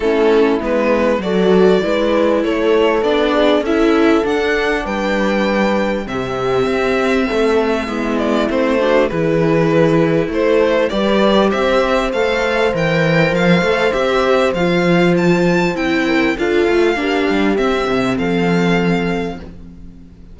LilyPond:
<<
  \new Staff \with { instrumentName = "violin" } { \time 4/4 \tempo 4 = 99 a'4 b'4 d''2 | cis''4 d''4 e''4 fis''4 | g''2 e''2~ | e''4. d''8 c''4 b'4~ |
b'4 c''4 d''4 e''4 | f''4 g''4 f''4 e''4 | f''4 a''4 g''4 f''4~ | f''4 e''4 f''2 | }
  \new Staff \with { instrumentName = "horn" } { \time 4/4 e'2 a'4 b'4 | a'4. gis'8 a'2 | b'2 g'2 | a'4 e'4. fis'8 gis'4~ |
gis'4 a'4 b'4 c''4~ | c''1~ | c''2~ c''8 ais'8 a'4 | g'2 a'2 | }
  \new Staff \with { instrumentName = "viola" } { \time 4/4 cis'4 b4 fis'4 e'4~ | e'4 d'4 e'4 d'4~ | d'2 c'2~ | c'4 b4 c'8 d'8 e'4~ |
e'2 g'2 | a'4 ais'4. a'8 g'4 | f'2 e'4 f'4 | d'4 c'2. | }
  \new Staff \with { instrumentName = "cello" } { \time 4/4 a4 gis4 fis4 gis4 | a4 b4 cis'4 d'4 | g2 c4 c'4 | a4 gis4 a4 e4~ |
e4 a4 g4 c'4 | a4 e4 f8 a8 c'4 | f2 c'4 d'8 a8 | ais8 g8 c'8 c8 f2 | }
>>